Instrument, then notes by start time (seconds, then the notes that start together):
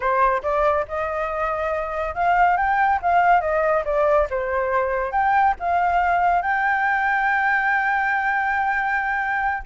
flute
0.00 C5
0.42 D5
0.87 D#5
2.14 F5
2.56 G5
3.01 F5
3.41 D#5
3.84 D5
4.30 C5
5.11 G5
5.59 F5
6.42 G5